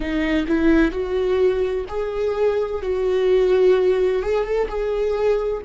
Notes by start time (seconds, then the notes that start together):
0.00 D#4
0.47 E4
0.91 F#4
1.88 G#4
2.82 F#4
4.22 G#4
4.44 A4
4.68 G#4